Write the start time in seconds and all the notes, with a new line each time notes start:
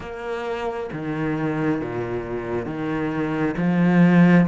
0.00 A#3
0.92 D#3
1.81 A#2
2.65 D#3
3.57 F3